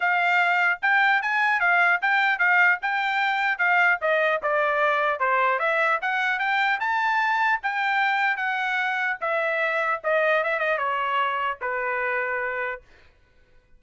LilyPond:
\new Staff \with { instrumentName = "trumpet" } { \time 4/4 \tempo 4 = 150 f''2 g''4 gis''4 | f''4 g''4 f''4 g''4~ | g''4 f''4 dis''4 d''4~ | d''4 c''4 e''4 fis''4 |
g''4 a''2 g''4~ | g''4 fis''2 e''4~ | e''4 dis''4 e''8 dis''8 cis''4~ | cis''4 b'2. | }